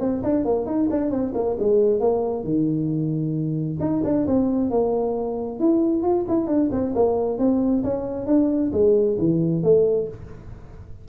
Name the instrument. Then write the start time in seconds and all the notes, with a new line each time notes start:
tuba
0.00 C4
0.24 D4
0.45 A#3
0.66 D#4
0.91 D4
1.11 C4
1.35 A#3
1.59 G#3
2.00 A#3
2.44 D#3
3.80 D#4
4.04 D4
4.27 C4
4.70 A#3
5.60 E4
6.03 F4
6.29 E4
6.47 D4
6.72 C4
6.95 A#3
7.39 C4
7.84 C#4
8.27 D4
8.73 G#3
9.19 E3
9.64 A3